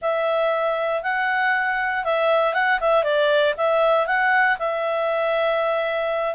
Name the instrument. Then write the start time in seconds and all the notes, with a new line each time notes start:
clarinet
0.01 E5
1.02 F#5
2.04 E5
2.54 F#5
2.80 E5
3.03 D5
3.57 E5
4.06 F#5
4.58 E5